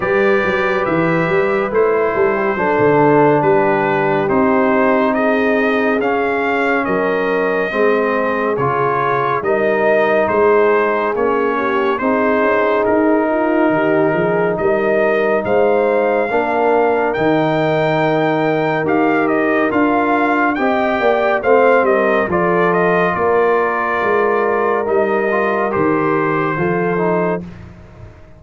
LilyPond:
<<
  \new Staff \with { instrumentName = "trumpet" } { \time 4/4 \tempo 4 = 70 d''4 e''4 c''2 | b'4 c''4 dis''4 f''4 | dis''2 cis''4 dis''4 | c''4 cis''4 c''4 ais'4~ |
ais'4 dis''4 f''2 | g''2 f''8 dis''8 f''4 | g''4 f''8 dis''8 d''8 dis''8 d''4~ | d''4 dis''4 c''2 | }
  \new Staff \with { instrumentName = "horn" } { \time 4/4 b'2~ b'8 a'16 g'16 a'4 | g'2 gis'2 | ais'4 gis'2 ais'4 | gis'4. g'8 gis'4. f'8 |
g'8 gis'8 ais'4 c''4 ais'4~ | ais'1 | dis''8 d''8 c''8 ais'8 a'4 ais'4~ | ais'2. a'4 | }
  \new Staff \with { instrumentName = "trombone" } { \time 4/4 g'2 e'4 d'4~ | d'4 dis'2 cis'4~ | cis'4 c'4 f'4 dis'4~ | dis'4 cis'4 dis'2~ |
dis'2. d'4 | dis'2 g'4 f'4 | g'4 c'4 f'2~ | f'4 dis'8 f'8 g'4 f'8 dis'8 | }
  \new Staff \with { instrumentName = "tuba" } { \time 4/4 g8 fis8 e8 g8 a8 g8 fis16 d8. | g4 c'2 cis'4 | fis4 gis4 cis4 g4 | gis4 ais4 c'8 cis'8 dis'4 |
dis8 f8 g4 gis4 ais4 | dis2 dis'4 d'4 | c'8 ais8 a8 g8 f4 ais4 | gis4 g4 dis4 f4 | }
>>